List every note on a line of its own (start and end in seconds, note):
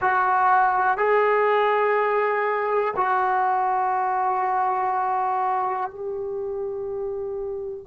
0.00 0.97 F#4
0.97 2.94 G#4
2.96 5.90 F#4
5.90 7.86 G4